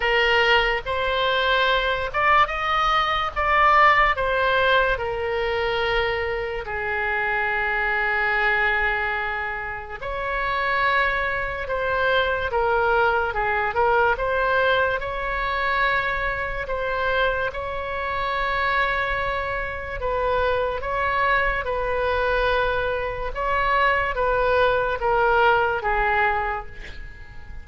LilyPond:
\new Staff \with { instrumentName = "oboe" } { \time 4/4 \tempo 4 = 72 ais'4 c''4. d''8 dis''4 | d''4 c''4 ais'2 | gis'1 | cis''2 c''4 ais'4 |
gis'8 ais'8 c''4 cis''2 | c''4 cis''2. | b'4 cis''4 b'2 | cis''4 b'4 ais'4 gis'4 | }